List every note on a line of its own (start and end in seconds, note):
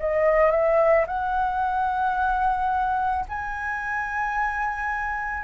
0.00 0.52 D#5
0.52 1.06 E5
1.08 3.26 F#5
3.29 5.44 G#5